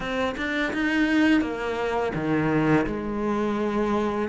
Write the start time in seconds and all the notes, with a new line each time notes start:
0.00 C4
0.37 D4
0.73 D#4
1.41 A#3
2.14 D#3
2.86 G#3